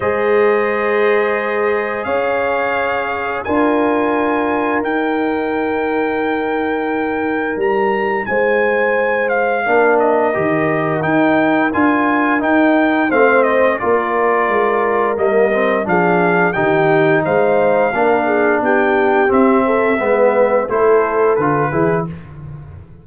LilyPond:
<<
  \new Staff \with { instrumentName = "trumpet" } { \time 4/4 \tempo 4 = 87 dis''2. f''4~ | f''4 gis''2 g''4~ | g''2. ais''4 | gis''4. f''4 dis''4. |
g''4 gis''4 g''4 f''8 dis''8 | d''2 dis''4 f''4 | g''4 f''2 g''4 | e''2 c''4 b'4 | }
  \new Staff \with { instrumentName = "horn" } { \time 4/4 c''2. cis''4~ | cis''4 ais'2.~ | ais'1 | c''2 ais'2~ |
ais'2. c''4 | ais'2. gis'4 | g'4 c''4 ais'8 gis'8 g'4~ | g'8 a'8 b'4 a'4. gis'8 | }
  \new Staff \with { instrumentName = "trombone" } { \time 4/4 gis'1~ | gis'4 f'2 dis'4~ | dis'1~ | dis'2 d'4 g'4 |
dis'4 f'4 dis'4 c'4 | f'2 ais8 c'8 d'4 | dis'2 d'2 | c'4 b4 e'4 f'8 e'8 | }
  \new Staff \with { instrumentName = "tuba" } { \time 4/4 gis2. cis'4~ | cis'4 d'2 dis'4~ | dis'2. g4 | gis2 ais4 dis4 |
dis'4 d'4 dis'4 a4 | ais4 gis4 g4 f4 | dis4 gis4 ais4 b4 | c'4 gis4 a4 d8 e8 | }
>>